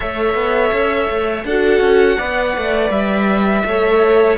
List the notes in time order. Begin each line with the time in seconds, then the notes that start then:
0.00 A3 A4 C#5 E5
0.34 B3
0.72 C#4
1.09 A3
1.44 D4 F#4 A4 F#5
1.80 C#4
2.17 B3 B4 D5
2.56 A3
2.90 G3 E5
3.64 A3 A4 C#5